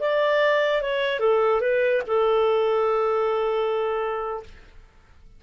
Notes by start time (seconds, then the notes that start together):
0.00 D5
0.82 C#5
1.20 A4
1.61 B4
2.07 A4